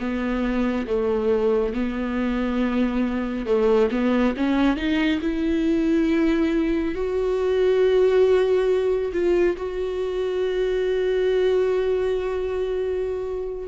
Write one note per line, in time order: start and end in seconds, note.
0.00 0.87 B3
0.87 1.74 A3
1.74 3.46 B3
3.46 3.90 A3
3.91 4.35 B3
4.37 4.77 C#4
4.77 5.20 D#4
5.21 6.95 E4
6.95 9.12 F#4
9.13 9.57 F4
9.57 13.68 F#4